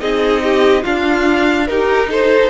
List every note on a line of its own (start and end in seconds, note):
0.00 0.85 C4
0.00 0.83 D#4
0.00 0.43 G#4
0.00 0.84 D#5
0.43 0.83 G4
0.83 1.69 D4
0.83 1.70 D4
0.83 1.66 F4
0.83 1.68 F5
1.68 2.50 D#4
1.68 2.10 G4
1.68 2.09 A#4
2.10 2.50 A4
2.10 2.50 C5